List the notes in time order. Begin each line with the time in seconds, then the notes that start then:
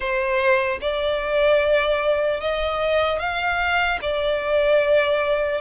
0.00 C5
0.81 D5
2.40 D#5
3.19 F5
4.01 D5